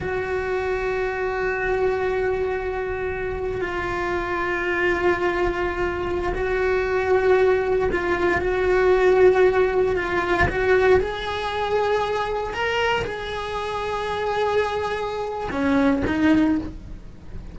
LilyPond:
\new Staff \with { instrumentName = "cello" } { \time 4/4 \tempo 4 = 116 fis'1~ | fis'2. f'4~ | f'1~ | f'16 fis'2. f'8.~ |
f'16 fis'2. f'8.~ | f'16 fis'4 gis'2~ gis'8.~ | gis'16 ais'4 gis'2~ gis'8.~ | gis'2 cis'4 dis'4 | }